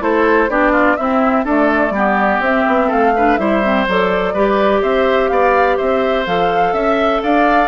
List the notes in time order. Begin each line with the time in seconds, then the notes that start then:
0.00 A3 E4 A4 C5
0.49 B3 D4 G4 D5
0.72 F4
0.97 C4 E4 E5
1.44 A3 D4 A4 D5
1.90 G3 B3 G4
2.40 C4 E5
2.67 B3
2.87 A3 A4 F5
3.16 D4 B4
3.37 G3 E4 C5 E5
3.63 C4
3.88 F#3 A4 D5
4.34 G3 G4 B4
4.82 C4 C5 E5
5.28 B3 D5 F5
5.77 C4 C5 E5
6.26 F3 A4 F5
6.73 C#4 E5
7.23 D4 D5 F5